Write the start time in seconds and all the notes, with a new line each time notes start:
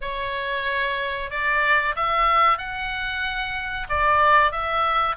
0.01 C#5
1.30 D5
1.95 E5
2.58 F#5
3.89 D5
4.51 E5